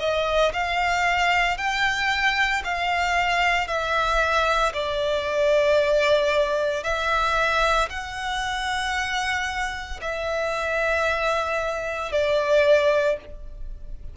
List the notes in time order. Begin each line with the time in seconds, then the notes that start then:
0.00 D#5
0.53 F5
1.58 G5
2.65 F5
3.68 E5
4.74 D5
6.84 E5
7.90 F#5
10.02 E5
12.12 D5